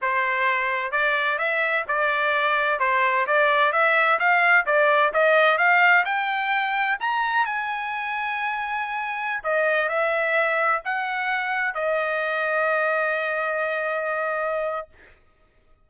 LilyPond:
\new Staff \with { instrumentName = "trumpet" } { \time 4/4 \tempo 4 = 129 c''2 d''4 e''4 | d''2 c''4 d''4 | e''4 f''4 d''4 dis''4 | f''4 g''2 ais''4 |
gis''1~ | gis''16 dis''4 e''2 fis''8.~ | fis''4~ fis''16 dis''2~ dis''8.~ | dis''1 | }